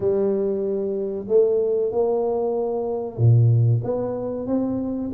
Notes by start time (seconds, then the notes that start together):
0.00 G3
1.28 A3
1.91 A#3
3.17 A#2
3.83 B3
4.47 C4